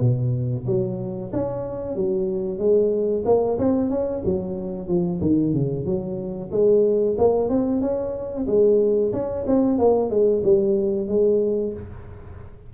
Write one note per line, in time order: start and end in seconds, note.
0.00 0.65 B2
0.66 1.31 F#3
1.33 1.95 C#4
1.95 2.58 F#3
2.58 3.23 G#3
3.25 3.58 A#3
3.58 3.90 C4
3.90 4.22 C#4
4.25 4.88 F#3
4.88 5.20 F3
5.21 5.53 D#3
5.53 5.85 C#3
5.85 6.50 F#3
6.51 7.16 G#3
7.18 7.49 A#3
7.49 7.81 C4
7.81 8.46 C#4
8.47 9.12 G#3
9.12 9.45 C#4
9.47 9.78 C4
9.78 10.10 A#3
10.10 10.42 G#3
10.43 11.08 G3
11.08 11.73 G#3